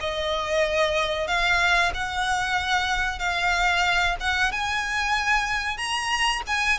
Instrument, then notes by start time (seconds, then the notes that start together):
violin
0.00 D#5
1.27 F5
1.94 F#5
3.19 F5
4.20 F#5
4.52 G#5
5.77 A#5
6.47 G#5